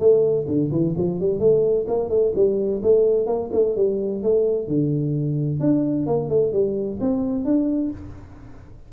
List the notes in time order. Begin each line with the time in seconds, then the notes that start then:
0.00 A3
0.48 D3
0.72 E3
0.97 F3
1.20 G3
1.40 A3
1.88 A#3
2.10 A3
2.36 G3
2.84 A3
3.27 A#3
3.53 A3
3.77 G3
4.23 A3
4.68 D3
5.60 D4
6.07 A#3
6.29 A3
6.53 G3
7.01 C4
7.45 D4